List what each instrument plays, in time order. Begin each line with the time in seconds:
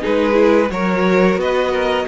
0.00 cello G#3, viola D#4, violin G#4 B4
0.32 viola E4
0.70 cello F#3, viola F#4, violin A#4 C#5
1.36 cello B3, violin B4 D#5
1.71 violin A#4